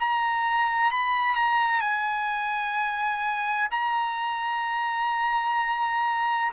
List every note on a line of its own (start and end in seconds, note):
0.00 0.92 A#5
0.92 1.36 B5
1.36 1.81 A#5
1.81 3.69 G#5
3.72 6.53 A#5